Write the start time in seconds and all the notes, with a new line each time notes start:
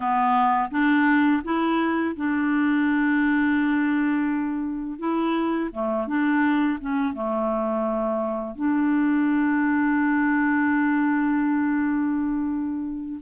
0.00 B3
0.70 D4
1.44 E4
2.16 D4
4.98 E4
5.71 A3
6.07 D4
6.80 C#4
7.13 A3
8.55 D4